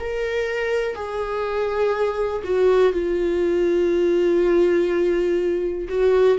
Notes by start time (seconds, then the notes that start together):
0.00 A#4
0.96 G#4
2.44 F#4
2.93 F4
5.89 F#4